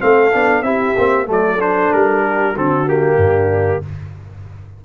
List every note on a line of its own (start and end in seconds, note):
0.00 0.35 A3
0.00 0.32 C4
0.00 0.64 A4
0.00 0.63 F5
0.32 0.62 B3
0.32 0.64 D4
0.62 0.94 C4
0.62 0.96 E4
0.62 1.28 G4
0.62 1.27 E5
0.98 1.29 A#3
0.98 1.27 C4
1.27 1.93 F#3
1.27 1.59 A3
1.27 2.25 A4
1.27 1.61 D5
1.59 2.55 D4
1.59 1.93 C5
1.93 2.57 G3
1.93 2.57 A#4
2.25 2.53 G4
2.53 3.18 D3
2.53 2.87 C4
2.53 3.17 F#4
2.53 2.89 A4
2.87 3.83 A#3
2.87 3.85 G4
3.18 3.81 G2
3.18 3.82 D4